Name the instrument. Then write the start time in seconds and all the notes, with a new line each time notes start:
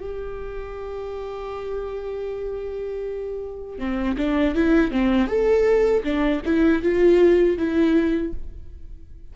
viola
0.00 G4
3.79 C4
4.17 D4
4.55 E4
4.91 C4
5.28 A4
6.04 D4
6.45 E4
6.83 F4
7.58 E4